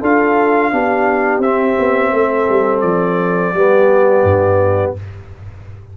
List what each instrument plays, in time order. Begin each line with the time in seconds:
0.00 tuba D4, trombone F4, horn A4, trumpet F5
0.72 tuba B3, trombone D4, horn G4
1.38 tuba C4, trombone C4, trumpet E5
1.79 tuba B3
2.12 tuba A3, horn A4
2.49 tuba G3
2.80 tuba F3, trumpet D5
3.54 tuba G3, trombone B3, horn G4
4.23 tuba G2